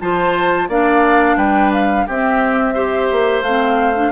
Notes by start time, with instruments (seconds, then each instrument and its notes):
0.00 bassoon F3, clarinet F4, oboe C5, flute A5
0.69 bassoon A#3, clarinet D4, oboe D5, flute F5
1.36 bassoon G3, oboe B4, flute G5
1.73 flute F5
2.06 bassoon C4, clarinet C4, oboe G4, flute E5
2.74 clarinet G4, oboe C5
3.11 bassoon A#3
3.42 bassoon A3, clarinet C4, flute F5
3.95 clarinet D4